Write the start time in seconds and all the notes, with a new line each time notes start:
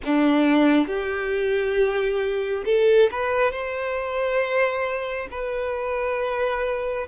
0.04 D4
0.87 G4
2.65 A4
3.11 B4
3.51 C5
5.30 B4